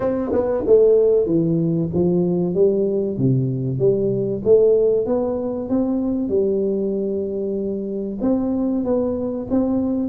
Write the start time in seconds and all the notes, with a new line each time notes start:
0.00 C4
0.32 B3
0.66 A3
1.26 E3
1.93 F3
2.54 G3
3.18 C3
3.79 G3
4.44 A3
5.06 B3
5.69 C4
6.28 G3
8.21 C4
8.84 B3
9.50 C4